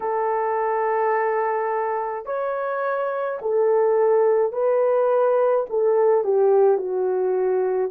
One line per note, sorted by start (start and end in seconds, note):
0.00 2.25 A4
2.25 3.39 C#5
3.41 4.52 A4
4.52 5.66 B4
5.69 6.24 A4
6.24 6.77 G4
6.77 7.90 F#4